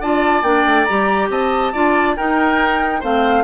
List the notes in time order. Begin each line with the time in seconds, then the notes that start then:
0.00 D4 F4 D5 A5
0.42 A#3 D4 G5
0.65 A3
0.85 G3 G4 A#5
1.29 C4 D#5 A5
1.72 D4 F4 D5
2.16 D#4 A#4 G5
3.00 A3 C4 C5 F5